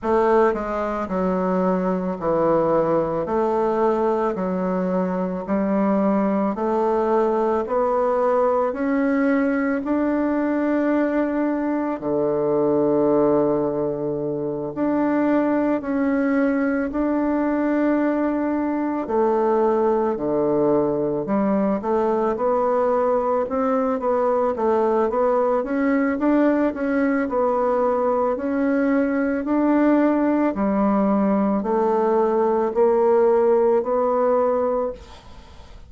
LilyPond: \new Staff \with { instrumentName = "bassoon" } { \time 4/4 \tempo 4 = 55 a8 gis8 fis4 e4 a4 | fis4 g4 a4 b4 | cis'4 d'2 d4~ | d4. d'4 cis'4 d'8~ |
d'4. a4 d4 g8 | a8 b4 c'8 b8 a8 b8 cis'8 | d'8 cis'8 b4 cis'4 d'4 | g4 a4 ais4 b4 | }